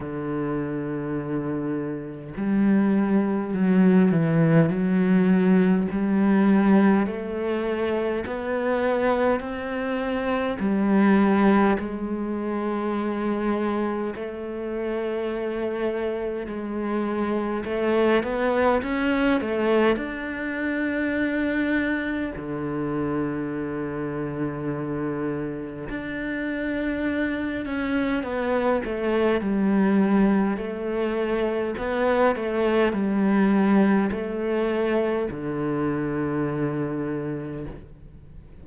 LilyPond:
\new Staff \with { instrumentName = "cello" } { \time 4/4 \tempo 4 = 51 d2 g4 fis8 e8 | fis4 g4 a4 b4 | c'4 g4 gis2 | a2 gis4 a8 b8 |
cis'8 a8 d'2 d4~ | d2 d'4. cis'8 | b8 a8 g4 a4 b8 a8 | g4 a4 d2 | }